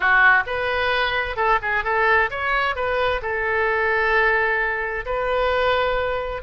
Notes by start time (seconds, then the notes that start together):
0.00 F#4
0.46 B4
1.36 A4
1.62 G#4
1.84 A4
2.30 C#5
2.75 B4
3.22 A4
5.05 B4